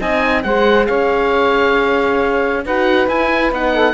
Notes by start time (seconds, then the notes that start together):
0.00 C4 D#4 D#5 G#5
0.43 G#3 G#4 C5 F#5
0.86 C#4 C#5 F5
2.65 D#4 F#4 B4 F#5
3.08 E4 G#5
3.52 B3 D#4 F#5
3.73 A4